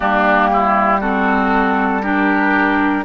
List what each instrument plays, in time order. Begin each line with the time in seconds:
0.00 bassoon G3, clarinet A#3, oboe D4, flute G4
0.52 oboe E4
1.00 clarinet C4, oboe F#4, flute A4
2.02 clarinet D4, oboe G4, flute A#4